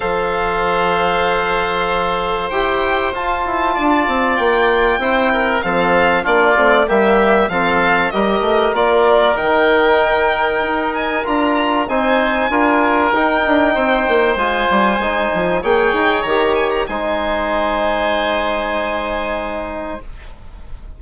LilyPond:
<<
  \new Staff \with { instrumentName = "violin" } { \time 4/4 \tempo 4 = 96 f''1 | g''4 a''2 g''4~ | g''4 f''4 d''4 e''4 | f''4 dis''4 d''4 g''4~ |
g''4. gis''8 ais''4 gis''4~ | gis''4 g''2 gis''4~ | gis''4 g''4 ais''8 gis''16 ais''16 gis''4~ | gis''1 | }
  \new Staff \with { instrumentName = "oboe" } { \time 4/4 c''1~ | c''2 d''2 | c''8 ais'8 a'4 f'4 g'4 | a'4 ais'2.~ |
ais'2. c''4 | ais'2 c''2~ | c''4 cis''2 c''4~ | c''1 | }
  \new Staff \with { instrumentName = "trombone" } { \time 4/4 a'1 | g'4 f'2. | e'4 c'4 d'8 c'8 ais4 | c'4 g'4 f'4 dis'4~ |
dis'2 f'4 dis'4 | f'4 dis'2 f'4 | dis'4 gis'4 g'4 dis'4~ | dis'1 | }
  \new Staff \with { instrumentName = "bassoon" } { \time 4/4 f1 | e'4 f'8 e'8 d'8 c'8 ais4 | c'4 f4 ais8 a8 g4 | f4 g8 a8 ais4 dis4~ |
dis4 dis'4 d'4 c'4 | d'4 dis'8 d'8 c'8 ais8 gis8 g8 | gis8 f8 ais8 dis'8 dis4 gis4~ | gis1 | }
>>